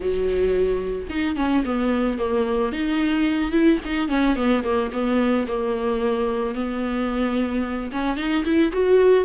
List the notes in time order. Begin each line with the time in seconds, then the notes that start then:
0.00 F#3
1.09 D#4
1.36 C#4
1.65 B3
2.18 A#3
2.72 D#4
3.51 E4
3.85 D#4
4.08 C#4
4.35 B3
4.63 A#3
4.92 B3
5.47 A#3
6.55 B3
7.91 C#4
8.16 D#4
8.44 E4
8.72 F#4